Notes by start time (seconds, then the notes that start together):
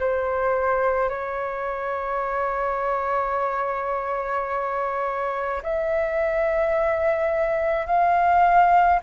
0.00 C5
1.10 C#5
5.63 E5
7.87 F5